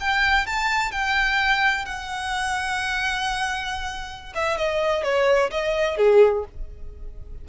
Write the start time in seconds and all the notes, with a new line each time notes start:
0.00 G5
0.46 A5
0.91 G5
1.85 F#5
4.35 E5
4.58 D#5
5.03 C#5
5.51 D#5
5.97 G#4